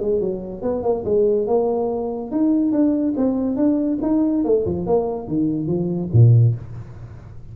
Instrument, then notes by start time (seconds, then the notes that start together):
tuba
0.00 G#3
0.21 F#3
0.62 B3
0.83 A#3
1.05 G#3
1.47 A#3
2.31 D#4
2.72 D4
3.17 C4
3.56 D4
4.02 D#4
4.45 A3
4.66 F3
4.87 A#3
5.28 D#3
5.67 F3
6.13 A#2